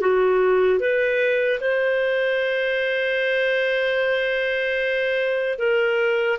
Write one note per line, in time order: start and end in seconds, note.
0.00 0.79 F#4
0.79 1.59 B4
1.60 5.58 C5
5.58 6.38 A#4